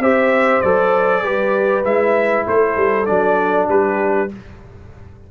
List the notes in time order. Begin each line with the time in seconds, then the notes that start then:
0.00 C4 G4 C5 E5
0.62 F#3 A4 D5
1.24 G3 G4 B4
1.85 G#3 E4 E5
2.47 A3 A4 C5
2.77 G3
3.06 F#3 D4 D5
3.69 G3 G4 B4